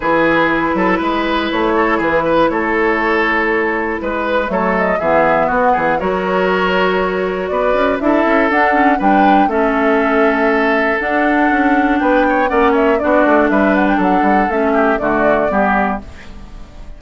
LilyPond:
<<
  \new Staff \with { instrumentName = "flute" } { \time 4/4 \tempo 4 = 120 b'2. cis''4 | b'4 cis''2. | b'4 cis''8 dis''8 e''4 fis''4 | cis''2. d''4 |
e''4 fis''4 g''4 e''4~ | e''2 fis''2 | g''4 fis''8 e''8 d''4 e''8 fis''16 g''16 | fis''4 e''4 d''2 | }
  \new Staff \with { instrumentName = "oboe" } { \time 4/4 gis'4. a'8 b'4. a'8 | gis'8 b'8 a'2. | b'4 a'4 gis'4 fis'8 gis'8 | ais'2. b'4 |
a'2 b'4 a'4~ | a'1 | b'8 cis''8 d''8 cis''8 fis'4 b'4 | a'4. g'8 fis'4 g'4 | }
  \new Staff \with { instrumentName = "clarinet" } { \time 4/4 e'1~ | e'1~ | e'4 a4 b2 | fis'1 |
e'4 d'8 cis'8 d'4 cis'4~ | cis'2 d'2~ | d'4 cis'4 d'2~ | d'4 cis'4 a4 b4 | }
  \new Staff \with { instrumentName = "bassoon" } { \time 4/4 e4. fis8 gis4 a4 | e4 a2. | gis4 fis4 e4 b8 e8 | fis2. b8 cis'8 |
d'8 cis'8 d'4 g4 a4~ | a2 d'4 cis'4 | b4 ais4 b8 a8 g4 | fis8 g8 a4 d4 g4 | }
>>